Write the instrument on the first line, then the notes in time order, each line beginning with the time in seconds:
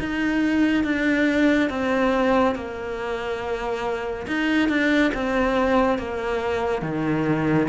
cello
0.00 D#4
0.85 D4
1.70 C4
2.56 A#3
4.28 D#4
4.69 D4
5.14 C4
5.99 A#3
6.83 D#3